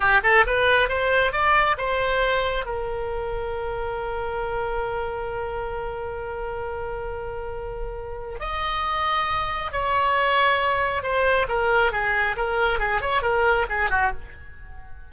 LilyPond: \new Staff \with { instrumentName = "oboe" } { \time 4/4 \tempo 4 = 136 g'8 a'8 b'4 c''4 d''4 | c''2 ais'2~ | ais'1~ | ais'1~ |
ais'2. dis''4~ | dis''2 cis''2~ | cis''4 c''4 ais'4 gis'4 | ais'4 gis'8 cis''8 ais'4 gis'8 fis'8 | }